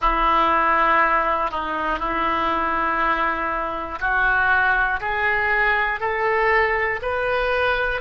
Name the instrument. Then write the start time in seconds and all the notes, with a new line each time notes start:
oboe
0.00 E4
1.50 D#4
1.99 E4
4.00 F#4
5.00 G#4
6.00 A4
7.02 B4